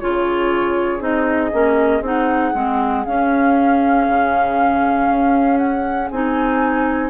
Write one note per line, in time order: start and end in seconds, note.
0.00 1.00 C#3
0.00 1.00 F4
0.00 7.11 G#4
0.00 1.02 C#5
1.00 1.51 C4
1.00 1.51 D#4
1.00 2.04 D#5
1.52 2.01 A#3
1.52 2.03 C#4
2.01 2.52 C4
2.01 2.55 D#4
2.01 3.06 F#5
2.55 3.06 G#3
2.55 3.06 C4
3.06 4.08 C#4
3.06 6.12 C#4
3.06 5.58 F5
4.09 5.10 C#3
5.10 6.11 C#4
5.58 6.09 F#5
6.11 7.11 C4
6.11 7.11 D#4
6.11 7.11 G#5